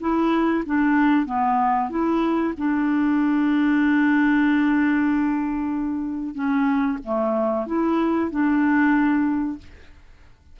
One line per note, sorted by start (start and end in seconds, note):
0.00 0.64 E4
0.66 1.26 D4
1.26 1.89 B3
1.90 2.54 E4
2.57 6.34 D4
6.34 6.98 C#4
7.04 7.67 A3
7.67 8.30 E4
8.30 9.58 D4